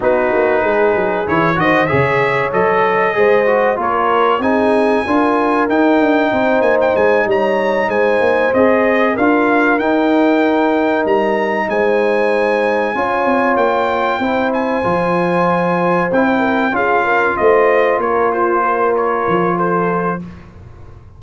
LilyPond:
<<
  \new Staff \with { instrumentName = "trumpet" } { \time 4/4 \tempo 4 = 95 b'2 cis''8 dis''8 e''4 | dis''2 cis''4 gis''4~ | gis''4 g''4. gis''16 g''16 gis''8 ais''8~ | ais''8 gis''4 dis''4 f''4 g''8~ |
g''4. ais''4 gis''4.~ | gis''4. g''4. gis''4~ | gis''4. g''4 f''4 dis''8~ | dis''8 cis''8 c''4 cis''4 c''4 | }
  \new Staff \with { instrumentName = "horn" } { \time 4/4 fis'4 gis'4. c''8 cis''4~ | cis''4 c''4 ais'4 gis'4 | ais'2 c''4. cis''8~ | cis''8 c''2 ais'4.~ |
ais'2~ ais'8 c''4.~ | c''8 cis''2 c''4.~ | c''2 ais'8 gis'8 ais'8 c''8~ | c''8 ais'8 f'8 ais'4. a'4 | }
  \new Staff \with { instrumentName = "trombone" } { \time 4/4 dis'2 e'8 fis'8 gis'4 | a'4 gis'8 fis'8 f'4 dis'4 | f'4 dis'2.~ | dis'4. gis'4 f'4 dis'8~ |
dis'1~ | dis'8 f'2 e'4 f'8~ | f'4. e'4 f'4.~ | f'1 | }
  \new Staff \with { instrumentName = "tuba" } { \time 4/4 b8 ais8 gis8 fis8 e8 dis8 cis4 | fis4 gis4 ais4 c'4 | d'4 dis'8 d'8 c'8 ais8 gis8 g8~ | g8 gis8 ais8 c'4 d'4 dis'8~ |
dis'4. g4 gis4.~ | gis8 cis'8 c'8 ais4 c'4 f8~ | f4. c'4 cis'4 a8~ | a8 ais2 f4. | }
>>